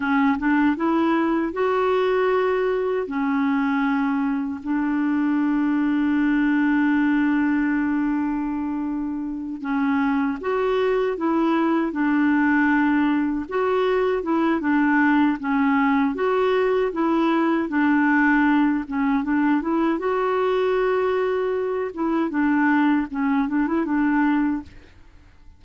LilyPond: \new Staff \with { instrumentName = "clarinet" } { \time 4/4 \tempo 4 = 78 cis'8 d'8 e'4 fis'2 | cis'2 d'2~ | d'1~ | d'8 cis'4 fis'4 e'4 d'8~ |
d'4. fis'4 e'8 d'4 | cis'4 fis'4 e'4 d'4~ | d'8 cis'8 d'8 e'8 fis'2~ | fis'8 e'8 d'4 cis'8 d'16 e'16 d'4 | }